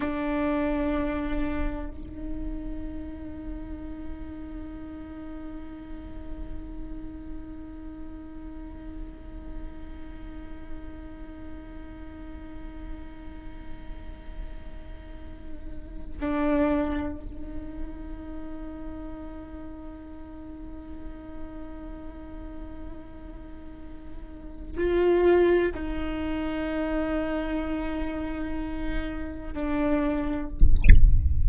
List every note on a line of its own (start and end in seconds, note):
0.00 1.89 D4
1.89 16.18 D#4
16.20 17.15 D4
17.15 24.77 D#4
24.77 25.72 F4
25.74 29.53 D#4
29.53 30.48 D4